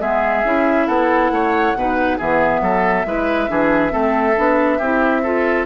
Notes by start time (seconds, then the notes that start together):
0.00 G#3 B3 G#4 E5
0.44 C#4 E4
0.87 B3 A4 F#5
1.30 A3 C#5
1.74 B2 D#4 B4
2.17 E3 B3 G#4 E5
2.61 F#3 A4
3.05 G#3 E4 B4
3.48 E3 D4 G#4
3.90 A3 C4 A4
4.36 B3 D4
4.78 C4 E4 G4
5.23 F4 A4